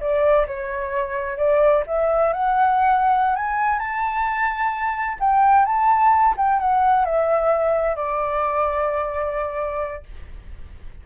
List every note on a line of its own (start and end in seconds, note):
0.00 0.46 D5
0.47 1.37 C#5
1.37 1.83 D5
1.87 2.33 E5
2.33 3.36 F#5
3.36 3.79 G#5
3.79 5.17 A5
5.20 5.65 G5
5.65 6.35 A5
6.37 6.59 G5
6.59 7.05 F#5
7.05 7.96 E5
7.96 10.03 D5